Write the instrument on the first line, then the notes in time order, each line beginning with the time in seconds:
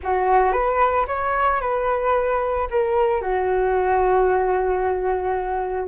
flute
0.03 F#4
0.52 B4
1.07 C#5
1.60 B4
2.70 A#4
3.21 F#4